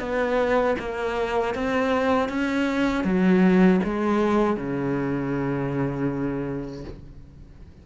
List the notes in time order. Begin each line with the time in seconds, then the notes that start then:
0.00 B3
0.79 A#3
1.55 C4
2.29 C#4
3.04 F#3
3.84 G#3
4.57 C#3